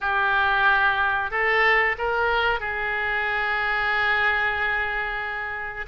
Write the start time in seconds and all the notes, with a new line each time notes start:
0.01 G4
1.30 A4
1.98 A#4
2.60 G#4